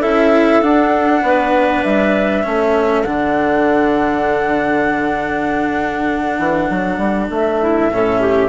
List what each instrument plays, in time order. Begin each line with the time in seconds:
0.00 bassoon C#4, cello E4, clarinet A4, flute E5
0.61 bassoon D4, cello D4, flute F#5
1.22 bassoon B3, clarinet B4
1.83 bassoon G3, flute E5
2.43 bassoon A3, cello C#4, clarinet A4
3.03 bassoon D3, cello D4, flute F#5
6.39 bassoon E3
6.70 bassoon F#3
6.98 bassoon G3
7.30 bassoon A3, flute E5
7.61 clarinet E4
7.91 bassoon A2, cello C#4, clarinet A4
8.20 clarinet G4